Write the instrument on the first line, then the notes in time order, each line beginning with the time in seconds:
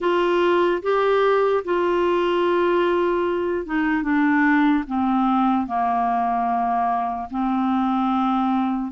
clarinet
0.00 F4
0.82 G4
1.64 F4
3.66 D#4
4.02 D4
4.87 C4
5.66 A#3
7.30 C4